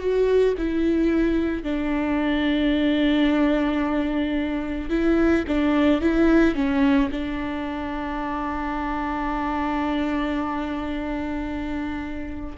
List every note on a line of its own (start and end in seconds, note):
0.00 0.55 F#4
0.58 1.64 E4
1.64 4.90 D4
4.90 5.44 E4
5.48 6.02 D4
6.02 6.56 E4
6.56 7.10 C#4
7.12 12.57 D4